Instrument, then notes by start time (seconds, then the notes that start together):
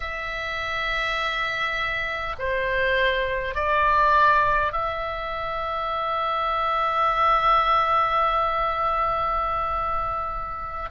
oboe
0.00 E5
2.39 C5
3.55 D5
4.72 E5